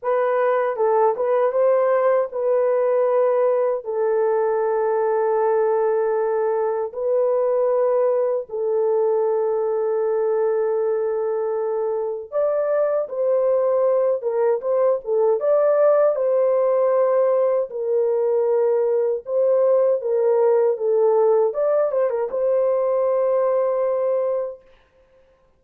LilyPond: \new Staff \with { instrumentName = "horn" } { \time 4/4 \tempo 4 = 78 b'4 a'8 b'8 c''4 b'4~ | b'4 a'2.~ | a'4 b'2 a'4~ | a'1 |
d''4 c''4. ais'8 c''8 a'8 | d''4 c''2 ais'4~ | ais'4 c''4 ais'4 a'4 | d''8 c''16 ais'16 c''2. | }